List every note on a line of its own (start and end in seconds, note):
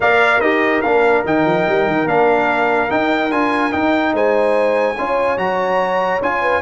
0.00 0.40 A#3
0.00 0.43 A#4
0.00 0.39 D5
0.00 0.41 F5
0.39 0.81 D#4
0.39 0.84 G4
0.39 4.12 A#4
0.39 0.81 D#5
0.81 1.25 A#3
0.81 1.25 D4
0.81 1.22 F5
1.25 1.45 D#3
1.25 2.07 D#4
1.25 2.08 G5
1.45 1.66 F3
1.68 1.87 G3
1.87 2.04 D#3
2.04 2.87 A#3
2.04 2.89 D4
2.04 2.90 F5
2.89 3.30 D#4
2.89 3.31 G5
3.30 3.72 D4
3.30 3.71 F4
3.30 3.72 G#5
3.71 4.95 D#4
3.71 4.13 D#4
3.71 4.13 G5
4.13 4.96 G#3
4.13 4.96 C5
4.13 5.38 G#5
4.97 5.37 C#4
4.97 5.37 F4
4.97 6.41 C#5
5.37 6.19 F#3
5.37 6.20 F#4
5.37 6.20 A#5
6.21 6.62 C#4
6.21 6.62 F4
6.21 6.62 G#5
6.41 6.61 B4